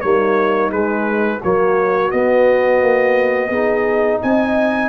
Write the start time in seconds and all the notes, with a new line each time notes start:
0.00 G3 A#3 D#4 C#5
0.70 G#3 B4
1.41 F#3 A#3 F#4 C#5
2.11 B3 D#5
2.81 A#3
3.49 B3 D#4 G#4
4.21 C4 D#5 G#5